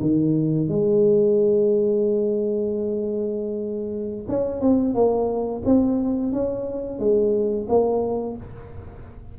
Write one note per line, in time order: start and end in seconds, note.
0.00 0.68 D#3
0.68 4.26 G#3
4.28 4.60 C#4
4.60 4.94 C4
4.94 5.62 A#3
5.65 6.32 C4
6.32 6.99 C#4
6.99 7.67 G#3
7.68 8.36 A#3